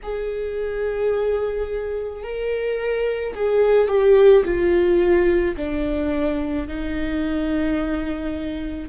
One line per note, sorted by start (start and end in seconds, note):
0.03 2.23 G#4
2.23 3.34 A#4
3.34 3.87 G#4
3.87 4.43 G4
4.44 5.56 F4
5.56 6.67 D4
6.67 8.89 D#4